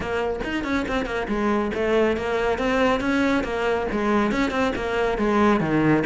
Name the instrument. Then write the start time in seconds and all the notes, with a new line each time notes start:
cello
0.00 A#3
0.44 D#4
0.64 C#4
0.88 C4
1.05 A#3
1.28 G#3
1.74 A3
2.17 A#3
2.58 C4
3.00 C#4
3.43 A#3
3.91 G#3
4.31 C#4
4.50 C4
4.75 A#3
5.18 G#3
5.60 D#3